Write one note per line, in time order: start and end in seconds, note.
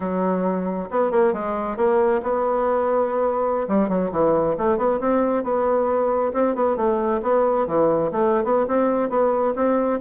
0.00 0.89 F#3
0.90 1.11 B3
1.11 1.33 A#3
1.33 1.76 G#3
1.76 2.21 A#3
2.23 3.67 B3
3.68 3.88 G3
3.88 4.11 F#3
4.11 4.56 E3
4.57 4.77 A3
4.77 4.99 B3
5.00 5.43 C4
5.43 6.32 B3
6.33 6.55 C4
6.55 6.76 B3
6.76 7.20 A3
7.22 7.66 B3
7.66 8.11 E3
8.11 8.44 A3
8.44 8.66 B3
8.67 9.09 C4
9.09 9.54 B3
9.55 10.00 C4